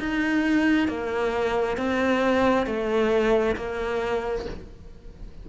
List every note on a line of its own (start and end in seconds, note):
0.00 0.88 D#4
0.88 1.77 A#3
1.77 2.67 C4
2.67 3.56 A3
3.57 4.46 A#3